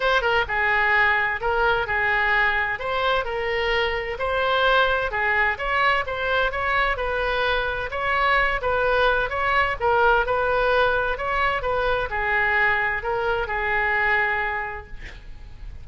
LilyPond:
\new Staff \with { instrumentName = "oboe" } { \time 4/4 \tempo 4 = 129 c''8 ais'8 gis'2 ais'4 | gis'2 c''4 ais'4~ | ais'4 c''2 gis'4 | cis''4 c''4 cis''4 b'4~ |
b'4 cis''4. b'4. | cis''4 ais'4 b'2 | cis''4 b'4 gis'2 | ais'4 gis'2. | }